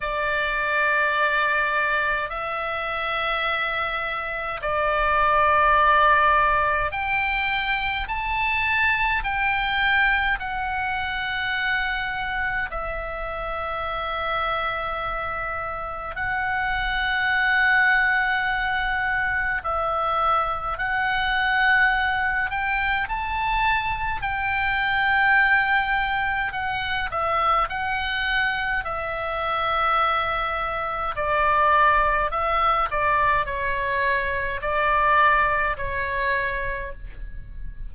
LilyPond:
\new Staff \with { instrumentName = "oboe" } { \time 4/4 \tempo 4 = 52 d''2 e''2 | d''2 g''4 a''4 | g''4 fis''2 e''4~ | e''2 fis''2~ |
fis''4 e''4 fis''4. g''8 | a''4 g''2 fis''8 e''8 | fis''4 e''2 d''4 | e''8 d''8 cis''4 d''4 cis''4 | }